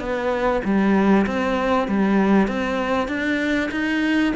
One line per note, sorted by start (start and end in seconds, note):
0.00 0.62 B3
0.64 1.26 G3
1.27 1.88 C4
1.88 2.48 G3
2.48 3.08 C4
3.08 3.70 D4
3.71 4.33 D#4